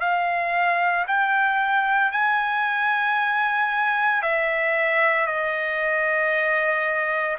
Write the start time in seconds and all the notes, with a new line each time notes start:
0.00 F5
1.07 G5
2.11 G#5
4.22 E5
5.26 D#5